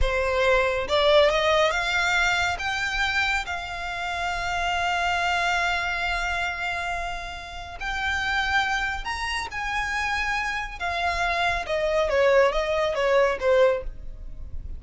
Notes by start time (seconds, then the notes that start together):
0.01 C5
0.88 D5
1.29 D#5
1.71 F5
2.58 G5
3.46 F5
7.80 G5
9.04 A#5
9.51 G#5
10.79 F5
11.66 D#5
12.09 C#5
12.52 D#5
12.94 C#5
13.40 C5